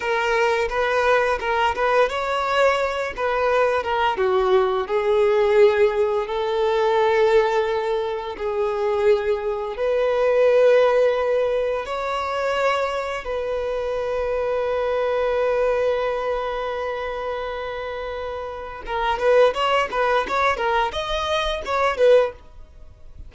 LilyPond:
\new Staff \with { instrumentName = "violin" } { \time 4/4 \tempo 4 = 86 ais'4 b'4 ais'8 b'8 cis''4~ | cis''8 b'4 ais'8 fis'4 gis'4~ | gis'4 a'2. | gis'2 b'2~ |
b'4 cis''2 b'4~ | b'1~ | b'2. ais'8 b'8 | cis''8 b'8 cis''8 ais'8 dis''4 cis''8 b'8 | }